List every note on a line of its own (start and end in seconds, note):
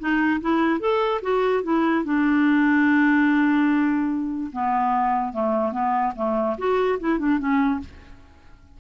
0.00 0.41 D#4
0.41 0.81 E4
0.81 1.22 A4
1.22 1.63 F#4
1.64 2.05 E4
2.05 4.51 D4
4.53 5.33 B3
5.33 5.73 A3
5.73 6.14 B3
6.16 6.57 A3
6.58 6.99 F#4
7.00 7.19 E4
7.19 7.39 D4
7.39 7.80 C#4